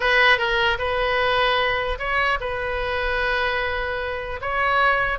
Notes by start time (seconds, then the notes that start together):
0.00 B4
0.37 A#4
0.78 B4
1.98 C#5
2.40 B4
4.41 C#5